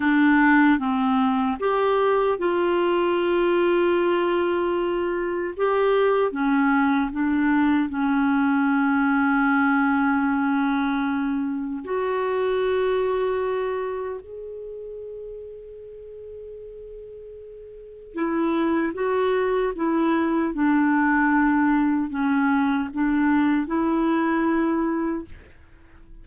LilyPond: \new Staff \with { instrumentName = "clarinet" } { \time 4/4 \tempo 4 = 76 d'4 c'4 g'4 f'4~ | f'2. g'4 | cis'4 d'4 cis'2~ | cis'2. fis'4~ |
fis'2 gis'2~ | gis'2. e'4 | fis'4 e'4 d'2 | cis'4 d'4 e'2 | }